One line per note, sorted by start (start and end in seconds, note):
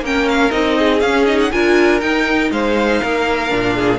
0.00 0.50 A#3
0.00 0.51 C#4
0.00 0.29 G5
0.07 0.79 A#4
0.29 0.51 F5
0.51 1.01 C4
0.51 1.01 D#4
0.51 1.00 D#5
0.79 1.53 G#4
1.00 1.51 C#4
1.00 1.27 C#4
1.00 1.25 F5
1.26 1.51 D#4
1.26 1.39 D#5
1.40 1.52 F#5
1.51 2.02 D4
1.51 2.01 F4
1.51 2.52 A#4
1.51 2.00 G#5
2.00 2.51 D#4
2.00 3.49 D#4
2.00 2.50 G5
2.51 3.01 G#3
2.51 3.02 C5
2.51 3.99 F5
3.02 3.52 A#3
3.02 3.75 A#4
3.49 3.99 A#2
3.49 3.99 D4
3.75 3.99 G#4